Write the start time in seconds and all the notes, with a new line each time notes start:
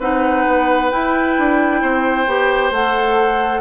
0.00 C4 D#4 B4 F#5
0.47 B3
0.91 E4 G5
1.38 D4
1.82 C4 C5
2.27 B3 G4
2.71 A3 A4 F#5